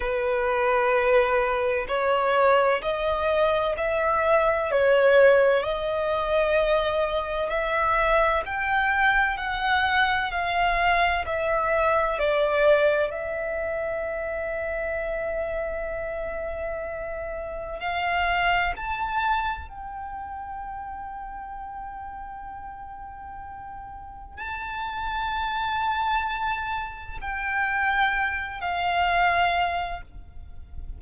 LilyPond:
\new Staff \with { instrumentName = "violin" } { \time 4/4 \tempo 4 = 64 b'2 cis''4 dis''4 | e''4 cis''4 dis''2 | e''4 g''4 fis''4 f''4 | e''4 d''4 e''2~ |
e''2. f''4 | a''4 g''2.~ | g''2 a''2~ | a''4 g''4. f''4. | }